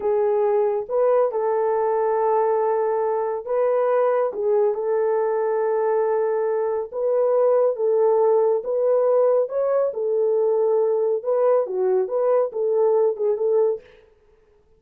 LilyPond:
\new Staff \with { instrumentName = "horn" } { \time 4/4 \tempo 4 = 139 gis'2 b'4 a'4~ | a'1 | b'2 gis'4 a'4~ | a'1 |
b'2 a'2 | b'2 cis''4 a'4~ | a'2 b'4 fis'4 | b'4 a'4. gis'8 a'4 | }